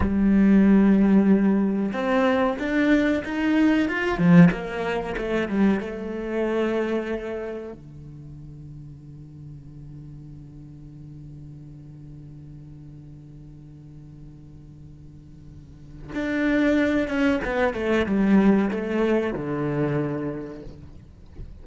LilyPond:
\new Staff \with { instrumentName = "cello" } { \time 4/4 \tempo 4 = 93 g2. c'4 | d'4 dis'4 f'8 f8 ais4 | a8 g8 a2. | d1~ |
d1~ | d1~ | d4 d'4. cis'8 b8 a8 | g4 a4 d2 | }